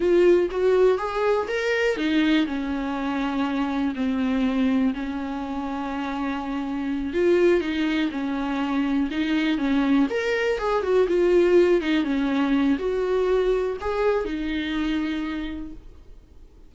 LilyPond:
\new Staff \with { instrumentName = "viola" } { \time 4/4 \tempo 4 = 122 f'4 fis'4 gis'4 ais'4 | dis'4 cis'2. | c'2 cis'2~ | cis'2~ cis'8 f'4 dis'8~ |
dis'8 cis'2 dis'4 cis'8~ | cis'8 ais'4 gis'8 fis'8 f'4. | dis'8 cis'4. fis'2 | gis'4 dis'2. | }